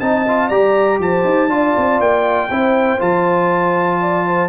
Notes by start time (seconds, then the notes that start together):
0.00 C4 D#4 D#5 A5
0.28 F4
0.48 G3 G4 D5 A#5
1.00 F3 C5 A5
1.25 D#4
1.49 D4 F4 D5
1.77 C4
2.00 A#3 G5
2.51 C4 E4 C5
2.99 F3 F4 A5
4.01 D5
4.27 C5